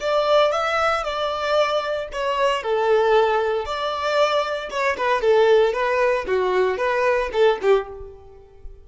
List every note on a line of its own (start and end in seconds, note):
0.00 0.52 D5
0.52 1.04 E5
1.04 2.08 D5
2.12 2.63 C#5
2.63 3.65 A4
3.65 4.70 D5
4.70 4.96 C#5
4.97 5.21 B4
5.21 5.73 A4
5.73 6.25 B4
6.27 6.77 F#4
6.77 7.29 B4
7.33 7.59 A4
7.62 7.88 G4